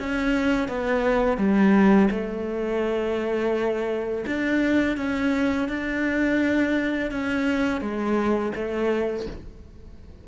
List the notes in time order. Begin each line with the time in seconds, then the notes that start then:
0.00 C#4
0.69 B3
1.38 G3
2.11 A3
4.27 D4
4.97 C#4
5.69 D4
7.11 C#4
7.81 G#3
8.56 A3